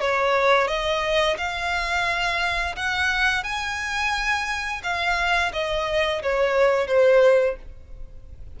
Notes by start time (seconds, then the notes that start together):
0.00 C#5
0.67 D#5
1.37 F5
2.76 F#5
3.43 G#5
4.83 F5
5.53 D#5
6.22 C#5
6.87 C5